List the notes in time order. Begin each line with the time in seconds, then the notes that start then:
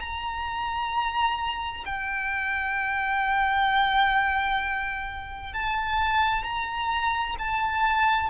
0.00 A#5
1.86 G5
5.54 A5
6.44 A#5
7.39 A5